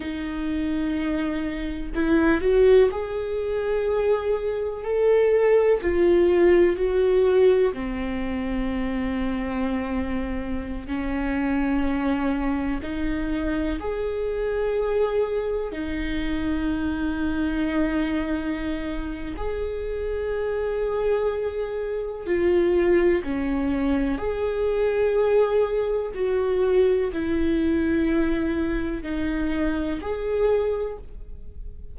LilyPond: \new Staff \with { instrumentName = "viola" } { \time 4/4 \tempo 4 = 62 dis'2 e'8 fis'8 gis'4~ | gis'4 a'4 f'4 fis'4 | c'2.~ c'16 cis'8.~ | cis'4~ cis'16 dis'4 gis'4.~ gis'16~ |
gis'16 dis'2.~ dis'8. | gis'2. f'4 | cis'4 gis'2 fis'4 | e'2 dis'4 gis'4 | }